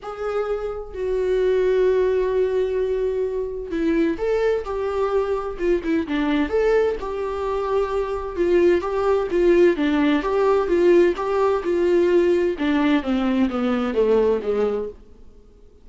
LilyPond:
\new Staff \with { instrumentName = "viola" } { \time 4/4 \tempo 4 = 129 gis'2 fis'2~ | fis'1 | e'4 a'4 g'2 | f'8 e'8 d'4 a'4 g'4~ |
g'2 f'4 g'4 | f'4 d'4 g'4 f'4 | g'4 f'2 d'4 | c'4 b4 a4 gis4 | }